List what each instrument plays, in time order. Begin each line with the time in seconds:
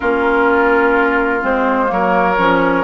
0.00 bassoon A#3, clarinet C#4, oboe F4, flute A#4
1.41 bassoon G#3, clarinet C4, flute C5
1.87 bassoon F#3, clarinet A#3, oboe A#4, flute C#5
2.37 bassoon F3, clarinet C#4